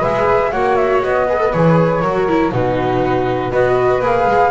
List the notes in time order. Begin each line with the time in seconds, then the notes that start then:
0.00 G#3 G#4 B4 E5
0.51 A#3 F#4 C#5 F#5
0.76 E5
1.03 B3 D#5
1.27 G#4 B4
1.38 A4
1.52 E3 G#4 C#5
2.02 F#3 F#4 A#4
2.28 E4
2.52 B2 D#4 F#4 B4
3.51 B3 F#4 B4 D#5
4.01 A#3 G#4 F5
4.26 G#3